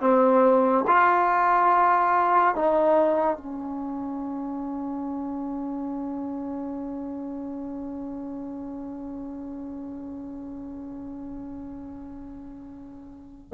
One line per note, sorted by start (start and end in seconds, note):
0.00 0.85 C4
0.87 2.55 F4
2.55 3.37 D#4
3.37 13.51 C#4